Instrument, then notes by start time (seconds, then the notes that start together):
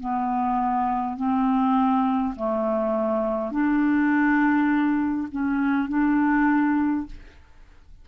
clarinet
0.00 B3
1.17 C4
2.35 A3
3.51 D4
5.31 C#4
5.88 D4